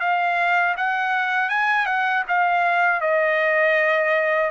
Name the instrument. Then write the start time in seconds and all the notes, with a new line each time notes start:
trumpet
0.00 F5
0.77 F#5
1.49 G#5
1.86 F#5
2.28 F5
3.01 D#5